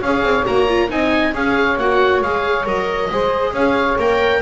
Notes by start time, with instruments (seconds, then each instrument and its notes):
0.00 double bass C#4, viola G#4, saxophone C#5, oboe F5
0.23 double bass C4
0.45 double bass A#3, viola F#4, oboe A#5
0.69 viola F4
0.89 double bass C4, viola D#4, saxophone D#5, oboe G#5
1.34 double bass C#4, viola G#4, saxophone C#5, oboe F5
1.77 double bass A#3, viola F#4, oboe F#5
2.21 double bass G#3, viola G#4, oboe F5
2.65 double bass F#3, viola A#4, oboe D#5
3.11 double bass G#3, viola G#4, saxophone C5
3.52 double bass C#4, saxophone C#5, oboe F5
3.98 double bass A#3, viola A#4, oboe G5